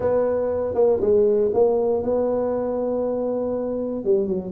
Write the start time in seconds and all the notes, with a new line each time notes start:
0.00 B3
0.74 A#3
1.00 G#3
1.53 A#3
2.03 B3
4.04 G3
4.27 F#3